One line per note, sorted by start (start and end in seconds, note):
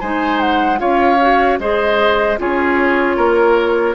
0.00 0.80 G#3
0.00 0.77 D#4
0.00 0.79 C5
0.00 0.40 G#5
0.40 0.79 F#5
0.77 1.59 C#4
0.77 1.17 F4
0.77 1.59 C#5
0.77 1.59 F5
1.21 1.60 F#4
1.59 2.38 G#3
1.59 2.38 G#4
1.59 2.39 C5
1.59 2.39 D#5
2.38 3.17 C#4
2.38 3.95 F4
2.38 3.17 G#4
2.38 3.95 C#5
3.17 3.95 A#3
3.17 3.95 A#4